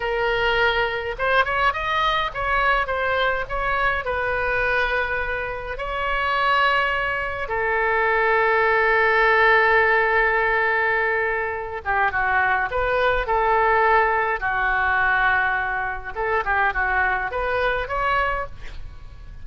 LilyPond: \new Staff \with { instrumentName = "oboe" } { \time 4/4 \tempo 4 = 104 ais'2 c''8 cis''8 dis''4 | cis''4 c''4 cis''4 b'4~ | b'2 cis''2~ | cis''4 a'2.~ |
a'1~ | a'8 g'8 fis'4 b'4 a'4~ | a'4 fis'2. | a'8 g'8 fis'4 b'4 cis''4 | }